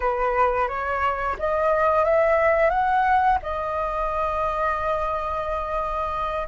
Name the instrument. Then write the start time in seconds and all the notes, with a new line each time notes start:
flute
0.00 B4
0.68 C#5
1.38 D#5
2.04 E5
2.70 F#5
3.42 D#5